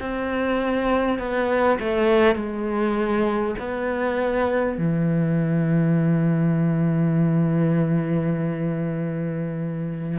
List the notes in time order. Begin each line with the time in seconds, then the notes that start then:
0.00 C4
1.18 B3
1.79 A3
2.35 G#3
3.59 B3
4.78 E3